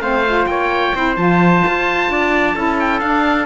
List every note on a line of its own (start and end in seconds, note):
0.00 0.46 A3
0.00 0.26 C4
0.00 0.49 C5
0.00 0.46 F5
0.26 0.95 F4
0.46 0.92 A#3
0.46 0.96 C#5
0.46 1.15 G5
0.95 1.17 C4
0.95 1.17 E4
0.95 2.11 C5
1.16 1.63 F3
1.16 2.55 F4
1.16 2.78 A5
1.67 2.10 F4
2.10 2.56 D4
2.10 2.56 D5
2.55 3.01 C#4
2.55 3.01 E4
2.55 3.46 A4
2.80 3.00 G5
3.00 3.46 D4
3.00 3.46 F5